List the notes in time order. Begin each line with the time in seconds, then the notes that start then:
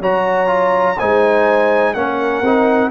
0.00 F#3 F#4 C#5 A#5
0.47 F4
0.98 G#3 D#4 C5 G#5
1.94 A#3 C#4 A#4 F#5
2.42 C4 D#4